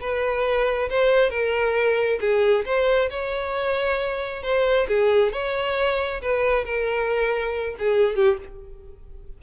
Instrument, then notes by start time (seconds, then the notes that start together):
violin
0.00 B4
0.89 C5
1.30 A#4
2.20 G#4
2.65 C5
3.10 C#5
4.43 C5
4.88 G#4
5.32 C#5
6.21 B4
6.65 A#4
7.79 G#4
8.15 G4